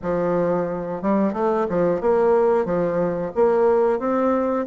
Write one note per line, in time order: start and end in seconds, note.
0.02 1.02 F3
1.02 1.33 G3
1.33 1.66 A3
1.68 2.00 F3
2.00 2.65 A#3
2.65 3.32 F3
3.35 3.99 A#3
3.99 4.65 C4